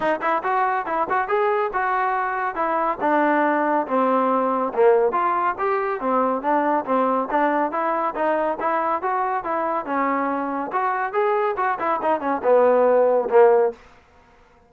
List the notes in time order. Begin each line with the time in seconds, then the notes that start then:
0.00 D#4
0.21 E4
0.43 F#4
0.86 E4
1.09 F#4
1.28 G#4
1.73 F#4
2.55 E4
3.01 D4
3.87 C4
4.73 A#3
5.12 F4
5.58 G4
6.00 C4
6.42 D4
6.85 C4
7.30 D4
7.71 E4
8.15 D#4
8.59 E4
9.02 F#4
9.44 E4
9.85 C#4
10.72 F#4
11.13 G#4
11.57 F#4
11.79 E4
12.02 D#4
12.20 C#4
12.43 B3
13.29 A#3